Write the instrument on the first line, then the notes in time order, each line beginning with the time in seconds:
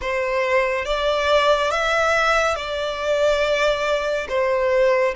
violin
0.01 C5
0.85 D5
1.71 E5
2.55 D5
4.28 C5